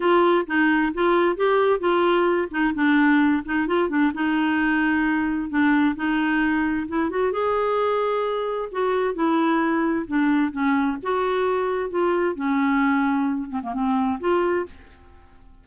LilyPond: \new Staff \with { instrumentName = "clarinet" } { \time 4/4 \tempo 4 = 131 f'4 dis'4 f'4 g'4 | f'4. dis'8 d'4. dis'8 | f'8 d'8 dis'2. | d'4 dis'2 e'8 fis'8 |
gis'2. fis'4 | e'2 d'4 cis'4 | fis'2 f'4 cis'4~ | cis'4. c'16 ais16 c'4 f'4 | }